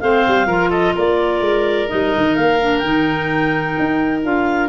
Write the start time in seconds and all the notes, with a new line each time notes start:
0.00 A3 C4 C5 F5
0.27 G3
0.46 F3 F4 A#4
0.69 A4 D#5
0.95 A#3 A#4 D5
1.40 G#3
1.87 G3 D#4 D#5
2.17 D#3
2.35 A#3 F5
2.61 D4
2.78 D#3 D#4 G5
3.79 D#4
4.23 D4 F4 F5